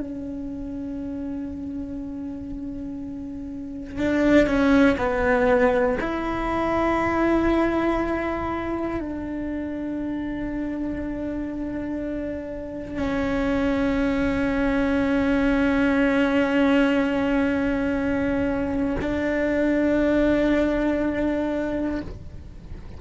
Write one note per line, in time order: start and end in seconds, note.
0.00 3.99 C#4
3.99 4.47 D4
4.47 4.97 C#4
4.98 5.98 B3
6.00 9.00 E4
9.00 12.96 D4
12.96 18.96 C#4
19.01 22.01 D4